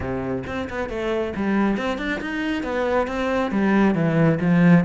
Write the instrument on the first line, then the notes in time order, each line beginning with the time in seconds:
cello
0.00 C3
0.46 C4
0.69 B3
0.89 A3
1.36 G3
1.77 C4
1.98 D4
2.21 D#4
2.63 B3
3.07 C4
3.51 G3
3.94 E3
4.40 F3